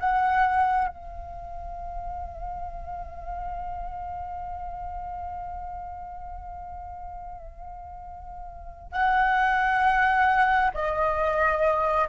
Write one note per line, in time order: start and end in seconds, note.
0.00 0.88 F#5
0.88 8.92 F5
8.92 10.71 F#5
10.74 12.09 D#5